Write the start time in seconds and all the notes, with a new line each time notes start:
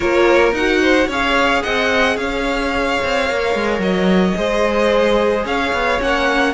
0.00 A#3 F4 A#4 C#5
0.52 D#4 F#4 F#5
0.81 C5
1.07 C#4 G#4 C#5 F5
1.62 C4 D#5 F#5
2.17 C#4 C#5 F5
3.03 C4
3.27 A#3 A#4
3.54 G#3
3.78 F#3 D#5
4.36 G#3 G#4 C5
5.44 C#4 C#5 F5
5.72 B3
5.99 A#3 C#4 F#5